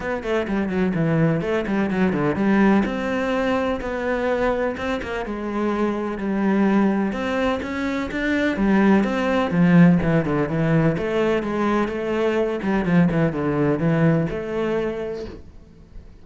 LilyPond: \new Staff \with { instrumentName = "cello" } { \time 4/4 \tempo 4 = 126 b8 a8 g8 fis8 e4 a8 g8 | fis8 d8 g4 c'2 | b2 c'8 ais8 gis4~ | gis4 g2 c'4 |
cis'4 d'4 g4 c'4 | f4 e8 d8 e4 a4 | gis4 a4. g8 f8 e8 | d4 e4 a2 | }